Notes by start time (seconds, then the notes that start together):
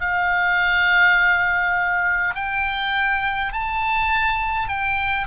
0.00 F5
2.35 G5
3.52 A5
4.68 G5